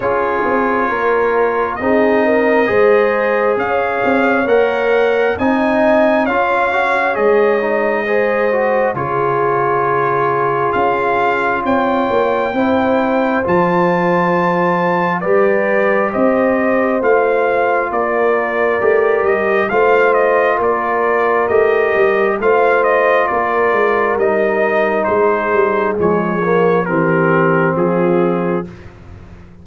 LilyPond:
<<
  \new Staff \with { instrumentName = "trumpet" } { \time 4/4 \tempo 4 = 67 cis''2 dis''2 | f''4 fis''4 gis''4 f''4 | dis''2 cis''2 | f''4 g''2 a''4~ |
a''4 d''4 dis''4 f''4 | d''4. dis''8 f''8 dis''8 d''4 | dis''4 f''8 dis''8 d''4 dis''4 | c''4 cis''4 ais'4 gis'4 | }
  \new Staff \with { instrumentName = "horn" } { \time 4/4 gis'4 ais'4 gis'8 ais'8 c''4 | cis''2 dis''4 cis''4~ | cis''4 c''4 gis'2~ | gis'4 cis''4 c''2~ |
c''4 b'4 c''2 | ais'2 c''4 ais'4~ | ais'4 c''4 ais'2 | gis'2 g'4 f'4 | }
  \new Staff \with { instrumentName = "trombone" } { \time 4/4 f'2 dis'4 gis'4~ | gis'4 ais'4 dis'4 f'8 fis'8 | gis'8 dis'8 gis'8 fis'8 f'2~ | f'2 e'4 f'4~ |
f'4 g'2 f'4~ | f'4 g'4 f'2 | g'4 f'2 dis'4~ | dis'4 gis8 ais8 c'2 | }
  \new Staff \with { instrumentName = "tuba" } { \time 4/4 cis'8 c'8 ais4 c'4 gis4 | cis'8 c'8 ais4 c'4 cis'4 | gis2 cis2 | cis'4 c'8 ais8 c'4 f4~ |
f4 g4 c'4 a4 | ais4 a8 g8 a4 ais4 | a8 g8 a4 ais8 gis8 g4 | gis8 g8 f4 e4 f4 | }
>>